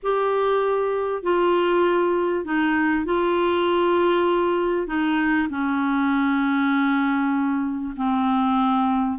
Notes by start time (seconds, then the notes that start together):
0.02 G4
1.22 F4
2.44 D#4
3.05 F4
4.87 D#4
5.49 C#4
7.96 C4